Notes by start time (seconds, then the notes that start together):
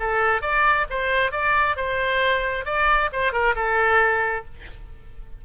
0.00 A4
0.42 D5
0.90 C5
1.32 D5
1.77 C5
2.65 D5
3.13 C5
3.33 A#4
3.56 A4